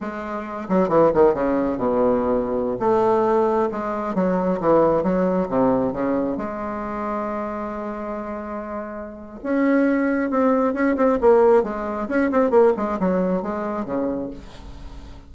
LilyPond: \new Staff \with { instrumentName = "bassoon" } { \time 4/4 \tempo 4 = 134 gis4. fis8 e8 dis8 cis4 | b,2~ b,16 a4.~ a16~ | a16 gis4 fis4 e4 fis8.~ | fis16 c4 cis4 gis4.~ gis16~ |
gis1~ | gis4 cis'2 c'4 | cis'8 c'8 ais4 gis4 cis'8 c'8 | ais8 gis8 fis4 gis4 cis4 | }